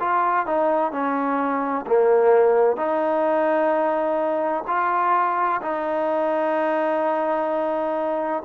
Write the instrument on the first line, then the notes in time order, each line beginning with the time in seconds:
trombone
0.00 F4
0.46 D#4
0.92 C#4
1.87 A#3
2.77 D#4
4.67 F4
5.62 D#4